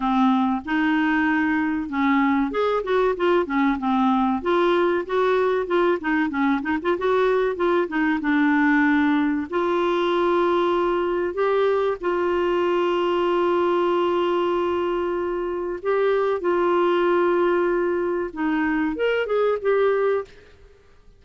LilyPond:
\new Staff \with { instrumentName = "clarinet" } { \time 4/4 \tempo 4 = 95 c'4 dis'2 cis'4 | gis'8 fis'8 f'8 cis'8 c'4 f'4 | fis'4 f'8 dis'8 cis'8 dis'16 f'16 fis'4 | f'8 dis'8 d'2 f'4~ |
f'2 g'4 f'4~ | f'1~ | f'4 g'4 f'2~ | f'4 dis'4 ais'8 gis'8 g'4 | }